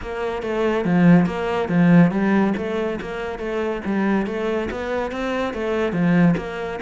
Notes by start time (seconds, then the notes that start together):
0.02 A#3
0.42 A3
0.85 F3
1.26 A#3
1.68 F3
2.11 G3
2.57 A3
3.01 A#3
3.38 A3
3.85 G3
4.26 A3
4.70 B3
5.11 C4
5.53 A3
5.92 F3
6.37 A#3